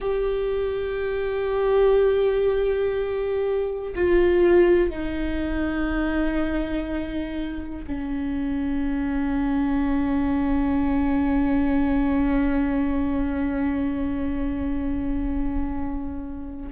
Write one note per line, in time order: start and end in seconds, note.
0.00 3.93 G4
3.95 4.90 F4
4.90 7.85 D#4
7.87 16.71 C#4